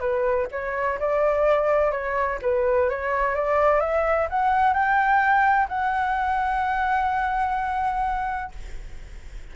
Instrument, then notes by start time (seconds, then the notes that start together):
flute
0.00 B4
0.52 C#5
1.00 D5
1.92 C#5
2.42 B4
2.89 C#5
3.35 D5
3.81 E5
4.30 F#5
4.74 G5
5.69 F#5